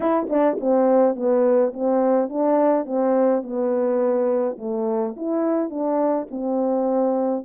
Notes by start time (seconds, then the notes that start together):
0.00 E4
0.29 D4
0.60 C4
1.15 B3
1.73 C4
2.29 D4
2.85 C4
3.43 B3
4.58 A3
5.16 E4
5.70 D4
6.30 C4